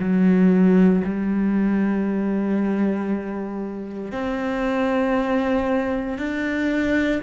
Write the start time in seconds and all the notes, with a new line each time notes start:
0.00 F#3
1.05 G3
4.12 C4
6.18 D4